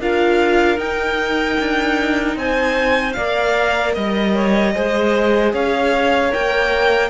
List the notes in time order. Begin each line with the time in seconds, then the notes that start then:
0.00 D4 F4 A#4 F5
0.78 D#4 G5
1.59 D4
2.36 C4 C5 G#5
3.13 A#3 A#4 D5 F5
3.94 G3 D#5
4.34 C#5
4.74 G#3 G#4 C5
5.53 C#4 C#5 F5
6.29 A#3 A#4 G5